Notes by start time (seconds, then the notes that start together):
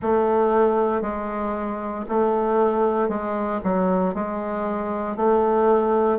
0.01 A3
1.01 G#3
2.08 A3
3.08 G#3
3.63 F#3
4.14 G#3
5.16 A3